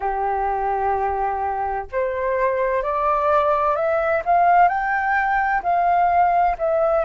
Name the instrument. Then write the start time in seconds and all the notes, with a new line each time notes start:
flute
0.00 G4
1.92 C5
2.83 D5
3.75 E5
4.25 F5
4.68 G5
5.62 F5
6.58 E5